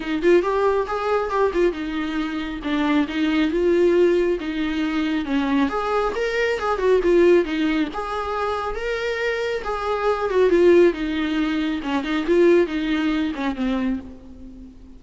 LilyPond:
\new Staff \with { instrumentName = "viola" } { \time 4/4 \tempo 4 = 137 dis'8 f'8 g'4 gis'4 g'8 f'8 | dis'2 d'4 dis'4 | f'2 dis'2 | cis'4 gis'4 ais'4 gis'8 fis'8 |
f'4 dis'4 gis'2 | ais'2 gis'4. fis'8 | f'4 dis'2 cis'8 dis'8 | f'4 dis'4. cis'8 c'4 | }